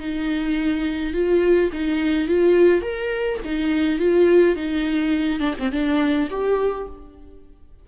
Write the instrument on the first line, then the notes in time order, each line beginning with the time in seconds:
viola
0.00 D#4
1.14 F4
1.73 D#4
2.28 F4
2.82 A#4
3.44 D#4
3.99 F4
4.56 D#4
5.40 D4
5.59 C4
5.72 D4
6.30 G4